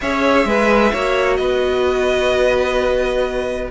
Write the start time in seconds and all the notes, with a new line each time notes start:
0.01 C#4 G#4 C#5 E5
0.45 G#3 B4
0.91 A#3 F#4 C#5
1.36 B3 B4 D#5